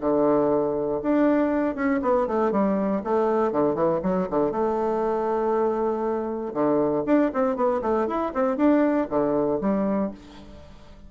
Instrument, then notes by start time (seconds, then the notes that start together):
bassoon
0.00 D3
1.02 D4
1.75 C#4
2.02 B3
2.27 A3
2.51 G3
3.03 A3
3.52 D3
3.74 E3
4.02 F#3
4.30 D3
4.51 A3
6.53 D3
7.06 D4
7.33 C4
7.56 B3
7.82 A3
8.07 E4
8.34 C4
8.56 D4
9.09 D3
9.61 G3